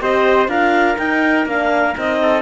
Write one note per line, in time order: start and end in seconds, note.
0.00 0.48 C4
0.00 0.49 G4
0.00 0.50 C5
0.00 0.49 D#5
0.48 0.97 D4
0.48 0.98 F4
0.48 2.21 A#4
0.48 0.98 F5
0.98 1.46 D#4
0.98 1.47 D#4
0.98 1.47 G5
1.46 1.95 A#3
1.46 1.95 D4
1.46 1.97 F5
1.95 2.42 C4
1.95 2.42 D#4
1.95 2.42 D#5
2.22 2.42 A4